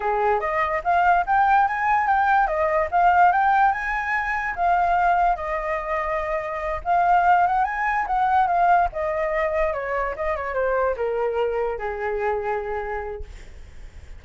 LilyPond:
\new Staff \with { instrumentName = "flute" } { \time 4/4 \tempo 4 = 145 gis'4 dis''4 f''4 g''4 | gis''4 g''4 dis''4 f''4 | g''4 gis''2 f''4~ | f''4 dis''2.~ |
dis''8 f''4. fis''8 gis''4 fis''8~ | fis''8 f''4 dis''2 cis''8~ | cis''8 dis''8 cis''8 c''4 ais'4.~ | ais'8 gis'2.~ gis'8 | }